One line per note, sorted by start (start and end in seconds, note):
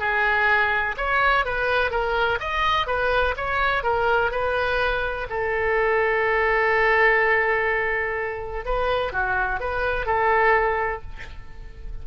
0.00 0.96 G#4
0.97 1.45 C#5
1.45 1.91 B4
1.91 2.39 A#4
2.40 2.87 D#5
2.87 3.35 B4
3.37 3.83 C#5
3.83 4.31 A#4
4.32 5.28 B4
5.30 8.66 A4
8.66 9.13 B4
9.13 9.60 F#4
9.60 10.06 B4
10.06 11.02 A4